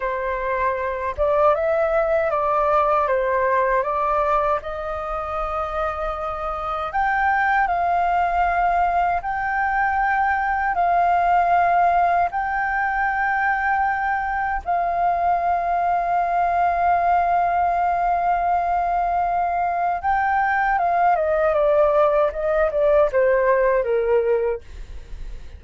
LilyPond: \new Staff \with { instrumentName = "flute" } { \time 4/4 \tempo 4 = 78 c''4. d''8 e''4 d''4 | c''4 d''4 dis''2~ | dis''4 g''4 f''2 | g''2 f''2 |
g''2. f''4~ | f''1~ | f''2 g''4 f''8 dis''8 | d''4 dis''8 d''8 c''4 ais'4 | }